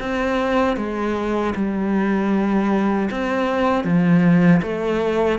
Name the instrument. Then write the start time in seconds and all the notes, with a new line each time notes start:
cello
0.00 C4
0.77 G#3
1.56 G3
3.10 C4
3.84 F3
4.62 A3